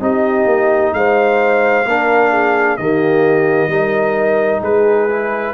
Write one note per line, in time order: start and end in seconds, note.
0.00 0.46 C4
0.00 1.85 D#4
0.00 0.94 G4
0.00 0.94 D#5
0.46 0.92 A#3
0.93 1.85 G#3
0.93 1.88 C5
0.93 2.77 F5
1.85 2.77 A#3
1.85 2.79 D4
1.85 2.31 A#4
2.31 2.77 G#4
2.77 3.68 D#3
2.77 3.71 A#3
2.77 3.71 G4
2.77 4.62 D#5
3.68 4.60 G3
3.68 5.09 D#4
3.68 4.61 A#4
4.61 5.53 G#3
4.61 5.53 G#4
4.61 5.54 B4
5.10 5.54 E4